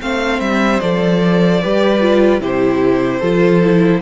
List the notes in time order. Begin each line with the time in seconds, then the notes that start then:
0.00 A3 C4 C5 F5
0.40 G3 E5
0.80 F3 A4 D5
1.62 G3 G4 B4
2.00 F4
2.40 C3 E4 G4 C5
3.20 F3 F4 A4
3.62 E4